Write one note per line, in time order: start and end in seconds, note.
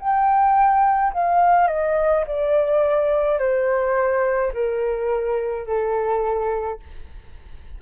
0.00 1.13 G5
1.13 1.68 F5
1.68 2.24 D#5
2.27 3.39 D5
3.39 4.52 C5
4.53 5.67 A#4
5.67 6.80 A4